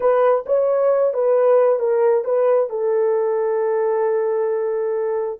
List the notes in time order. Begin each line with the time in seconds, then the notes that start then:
0.00 B4
0.46 C#5
1.13 B4
1.79 A#4
2.24 B4
2.69 A4